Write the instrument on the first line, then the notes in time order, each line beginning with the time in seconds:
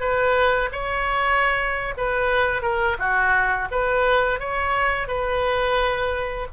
oboe
0.00 B4
0.72 C#5
1.97 B4
2.62 A#4
2.99 F#4
3.71 B4
4.40 C#5
5.08 B4